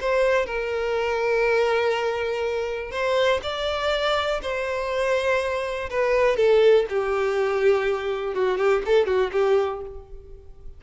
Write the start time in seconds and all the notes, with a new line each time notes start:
0.00 C5
0.46 A#4
2.91 C5
3.42 D5
4.42 C5
5.90 B4
6.36 A4
6.89 G4
8.34 F#4
8.58 G4
8.85 A4
9.06 F#4
9.32 G4